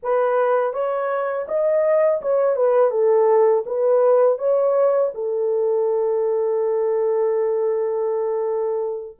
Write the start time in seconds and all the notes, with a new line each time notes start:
0.02 B4
0.73 C#5
1.48 D#5
2.21 C#5
2.55 B4
2.90 A4
3.66 B4
4.38 C#5
5.14 A4